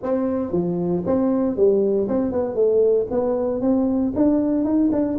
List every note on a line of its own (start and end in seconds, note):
0.03 0.51 C4
0.51 1.03 F3
1.06 1.56 C4
1.56 2.08 G3
2.08 2.32 C4
2.32 2.55 B3
2.55 3.06 A3
3.11 3.61 B3
3.61 4.12 C4
4.15 4.64 D4
4.64 4.90 D#4
4.91 5.17 D4